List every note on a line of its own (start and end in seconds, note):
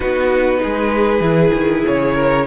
0.00 0.64 B3
0.00 1.22 D#4
0.00 0.59 F#4
0.00 1.84 B4
0.63 1.20 G#3
0.63 2.14 G#4
1.20 1.51 E3
1.20 2.46 E4
1.53 1.84 D#3
1.86 2.46 C#3
1.86 2.46 C#5
2.14 2.45 A#4